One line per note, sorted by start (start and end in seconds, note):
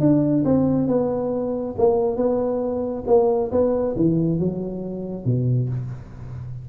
0.00 0.44 D4
0.45 0.87 C4
0.87 1.75 B3
1.78 2.16 A#3
2.16 3.04 B3
3.07 3.51 A#3
3.51 3.95 B3
3.96 4.39 E3
4.39 5.25 F#3
5.25 5.69 B2